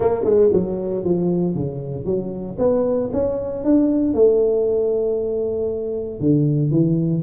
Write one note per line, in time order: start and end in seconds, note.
0.00 0.24 A#3
0.24 0.50 G#3
0.52 1.04 F#3
1.04 1.54 F3
1.54 2.05 C#3
2.05 2.56 F#3
2.58 3.10 B3
3.12 3.64 C#4
3.64 4.14 D4
4.14 6.20 A3
6.20 6.71 D3
6.71 7.22 E3